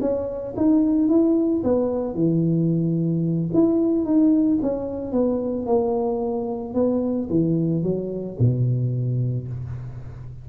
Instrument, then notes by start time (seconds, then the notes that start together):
tuba
0.00 C#4
0.56 D#4
1.08 E4
1.63 B3
2.14 E3
3.53 E4
4.04 D#4
4.62 C#4
5.12 B3
5.66 A#3
6.73 B3
7.29 E3
7.83 F#3
8.39 B2